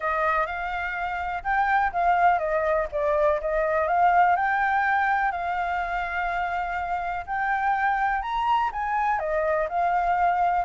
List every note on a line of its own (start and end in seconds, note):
0.00 0.46 D#5
0.46 1.43 F5
1.43 1.92 G5
1.92 2.38 F5
2.38 2.87 D#5
2.92 3.40 D5
3.40 3.87 D#5
3.87 4.35 F5
4.35 5.31 G5
5.31 7.25 F5
7.26 8.21 G5
8.21 8.70 A#5
8.72 9.19 G#5
9.19 9.67 D#5
9.69 10.65 F5